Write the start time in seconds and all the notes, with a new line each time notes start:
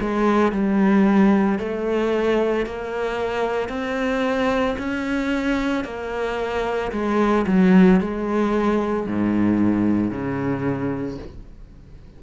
0.00 G#3
0.52 G3
1.58 A3
2.65 A#3
3.69 C4
4.78 C#4
5.84 A#3
6.92 G#3
7.46 F#3
8.00 G#3
9.06 G#2
10.11 C#3